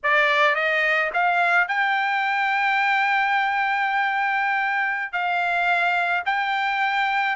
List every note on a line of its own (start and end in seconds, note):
0.03 0.55 D5
0.55 1.10 D#5
1.13 1.68 F5
1.68 5.12 G5
5.12 6.23 F5
6.25 7.35 G5